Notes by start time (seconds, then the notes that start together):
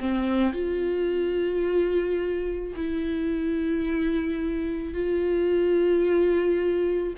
0.00 C4
0.54 F4
2.76 E4
4.94 F4